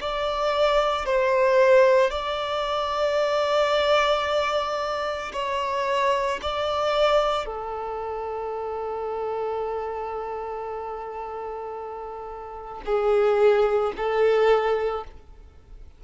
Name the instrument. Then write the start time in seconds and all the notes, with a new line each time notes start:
violin
0.00 D5
1.05 C5
2.10 D5
5.32 C#5
6.41 D5
7.45 A4
12.85 G#4
13.96 A4